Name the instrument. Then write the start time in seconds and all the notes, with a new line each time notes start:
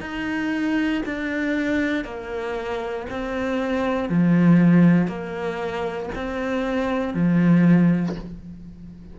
cello
0.00 D#4
1.05 D4
2.04 A#3
3.10 C4
4.09 F3
5.07 A#3
6.15 C4
7.14 F3